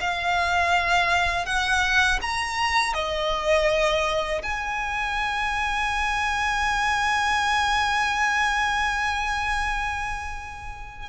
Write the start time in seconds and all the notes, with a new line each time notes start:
0.00 F5
1.45 F#5
2.21 A#5
2.93 D#5
4.42 G#5